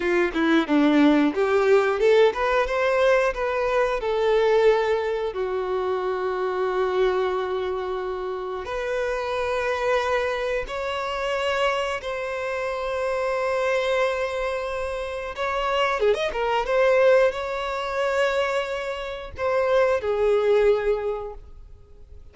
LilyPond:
\new Staff \with { instrumentName = "violin" } { \time 4/4 \tempo 4 = 90 f'8 e'8 d'4 g'4 a'8 b'8 | c''4 b'4 a'2 | fis'1~ | fis'4 b'2. |
cis''2 c''2~ | c''2. cis''4 | gis'16 dis''16 ais'8 c''4 cis''2~ | cis''4 c''4 gis'2 | }